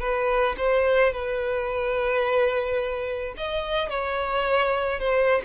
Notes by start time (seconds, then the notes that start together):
0.00 B4
0.58 C5
1.12 B4
3.37 D#5
3.89 C#5
5.00 C5